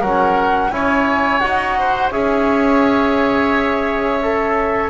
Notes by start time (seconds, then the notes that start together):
0.00 F#3 C#4 A#4 F#5
0.70 C#4 E4 C#5 G#5
1.39 D#4 F#4 F#5
1.78 C5
2.10 C#4 G#4 C#5 E5
4.22 A4